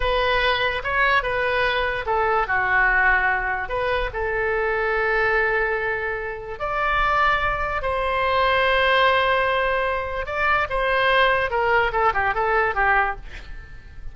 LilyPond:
\new Staff \with { instrumentName = "oboe" } { \time 4/4 \tempo 4 = 146 b'2 cis''4 b'4~ | b'4 a'4 fis'2~ | fis'4 b'4 a'2~ | a'1 |
d''2. c''4~ | c''1~ | c''4 d''4 c''2 | ais'4 a'8 g'8 a'4 g'4 | }